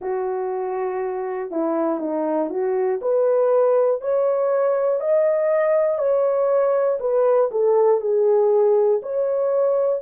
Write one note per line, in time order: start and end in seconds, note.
0.01 1.50 F#4
1.50 2.00 E4
2.00 2.50 D#4
2.50 3.00 F#4
3.01 4.00 B4
4.00 5.00 C#5
5.00 5.98 D#5
5.98 6.98 C#5
7.00 7.50 B4
7.50 8.00 A4
8.00 9.00 G#4
9.02 10.01 C#5